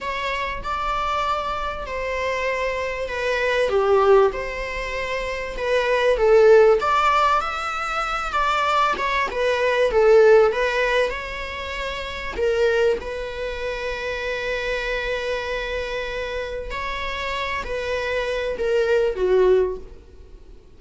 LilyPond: \new Staff \with { instrumentName = "viola" } { \time 4/4 \tempo 4 = 97 cis''4 d''2 c''4~ | c''4 b'4 g'4 c''4~ | c''4 b'4 a'4 d''4 | e''4. d''4 cis''8 b'4 |
a'4 b'4 cis''2 | ais'4 b'2.~ | b'2. cis''4~ | cis''8 b'4. ais'4 fis'4 | }